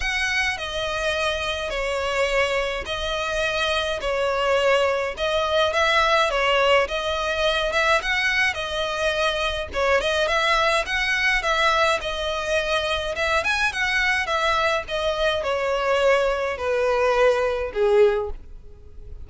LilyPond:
\new Staff \with { instrumentName = "violin" } { \time 4/4 \tempo 4 = 105 fis''4 dis''2 cis''4~ | cis''4 dis''2 cis''4~ | cis''4 dis''4 e''4 cis''4 | dis''4. e''8 fis''4 dis''4~ |
dis''4 cis''8 dis''8 e''4 fis''4 | e''4 dis''2 e''8 gis''8 | fis''4 e''4 dis''4 cis''4~ | cis''4 b'2 gis'4 | }